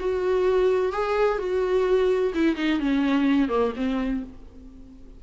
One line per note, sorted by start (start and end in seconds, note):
0.00 0.93 F#4
0.93 1.39 G#4
1.39 2.33 F#4
2.35 2.56 E4
2.56 2.80 D#4
2.80 3.49 C#4
3.49 3.73 A#3
3.76 4.23 C4